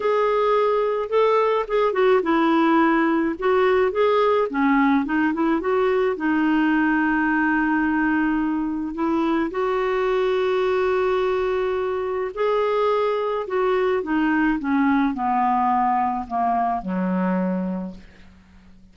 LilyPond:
\new Staff \with { instrumentName = "clarinet" } { \time 4/4 \tempo 4 = 107 gis'2 a'4 gis'8 fis'8 | e'2 fis'4 gis'4 | cis'4 dis'8 e'8 fis'4 dis'4~ | dis'1 |
e'4 fis'2.~ | fis'2 gis'2 | fis'4 dis'4 cis'4 b4~ | b4 ais4 fis2 | }